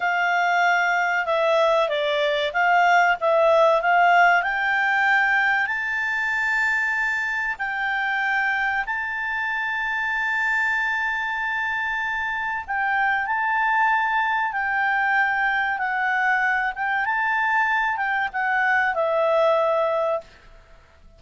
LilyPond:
\new Staff \with { instrumentName = "clarinet" } { \time 4/4 \tempo 4 = 95 f''2 e''4 d''4 | f''4 e''4 f''4 g''4~ | g''4 a''2. | g''2 a''2~ |
a''1 | g''4 a''2 g''4~ | g''4 fis''4. g''8 a''4~ | a''8 g''8 fis''4 e''2 | }